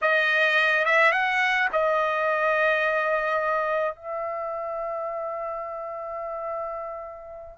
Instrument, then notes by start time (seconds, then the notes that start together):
trumpet
0.01 D#5
0.85 E5
1.12 F#5
1.72 D#5
3.95 E5